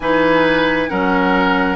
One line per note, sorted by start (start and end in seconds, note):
0.00 0.88 E3
0.00 0.89 D#4
0.00 0.89 B4
0.00 0.89 G#5
0.89 1.76 F#3
0.89 1.76 C#4
0.89 1.76 A#4
0.89 1.76 F#5